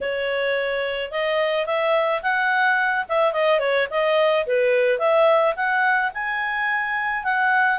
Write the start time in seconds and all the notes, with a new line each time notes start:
0.00 C#5
1.11 D#5
1.66 E5
2.22 F#5
3.09 E5
3.33 D#5
3.59 C#5
3.90 D#5
4.46 B4
4.98 E5
5.56 F#5
6.14 G#5
7.24 F#5